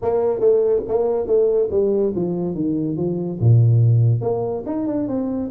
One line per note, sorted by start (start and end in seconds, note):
0.02 0.39 A#3
0.39 0.82 A3
0.88 1.26 A#3
1.26 1.69 A3
1.71 2.13 G3
2.15 2.54 F3
2.54 2.96 D#3
2.96 3.39 F3
3.40 4.21 A#2
4.21 4.63 A#3
4.66 4.86 D#4
4.86 5.08 D4
5.08 5.50 C4